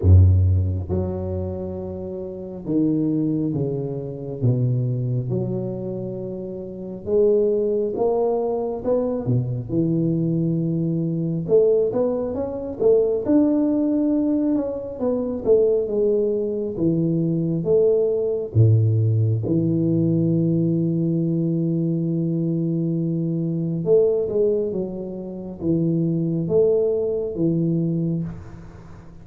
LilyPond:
\new Staff \with { instrumentName = "tuba" } { \time 4/4 \tempo 4 = 68 fis,4 fis2 dis4 | cis4 b,4 fis2 | gis4 ais4 b8 b,8 e4~ | e4 a8 b8 cis'8 a8 d'4~ |
d'8 cis'8 b8 a8 gis4 e4 | a4 a,4 e2~ | e2. a8 gis8 | fis4 e4 a4 e4 | }